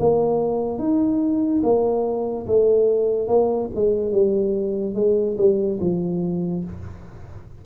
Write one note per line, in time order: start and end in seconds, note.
0.00 0.79 A#3
0.79 1.62 D#4
1.63 2.47 A#3
2.47 3.28 A3
3.28 3.70 A#3
3.75 4.12 G#3
4.12 4.95 G3
4.95 5.37 G#3
5.38 5.80 G3
5.81 6.64 F3